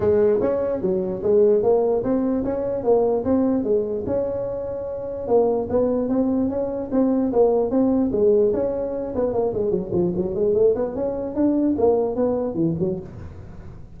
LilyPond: \new Staff \with { instrumentName = "tuba" } { \time 4/4 \tempo 4 = 148 gis4 cis'4 fis4 gis4 | ais4 c'4 cis'4 ais4 | c'4 gis4 cis'2~ | cis'4 ais4 b4 c'4 |
cis'4 c'4 ais4 c'4 | gis4 cis'4. b8 ais8 gis8 | fis8 f8 fis8 gis8 a8 b8 cis'4 | d'4 ais4 b4 e8 fis8 | }